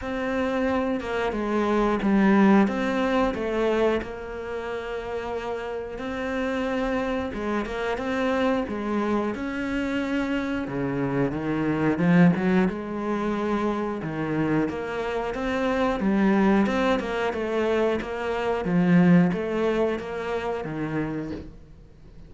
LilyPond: \new Staff \with { instrumentName = "cello" } { \time 4/4 \tempo 4 = 90 c'4. ais8 gis4 g4 | c'4 a4 ais2~ | ais4 c'2 gis8 ais8 | c'4 gis4 cis'2 |
cis4 dis4 f8 fis8 gis4~ | gis4 dis4 ais4 c'4 | g4 c'8 ais8 a4 ais4 | f4 a4 ais4 dis4 | }